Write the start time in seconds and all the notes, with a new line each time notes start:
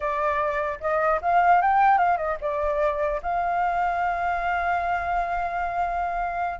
0.00 D5
0.80 D#5
1.21 F5
1.61 G5
1.97 F5
2.17 D#5
2.41 D5
3.22 F5